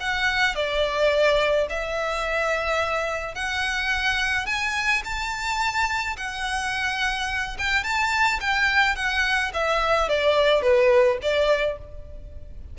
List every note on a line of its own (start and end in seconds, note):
0.00 0.55 F#5
0.55 1.67 D5
1.69 3.35 E5
3.35 4.46 F#5
4.46 5.02 G#5
5.04 6.16 A5
6.17 7.57 F#5
7.58 7.84 G5
7.84 8.40 A5
8.40 8.96 G5
8.96 9.52 F#5
9.54 10.09 E5
10.09 10.62 D5
10.62 11.18 B4
11.22 11.78 D5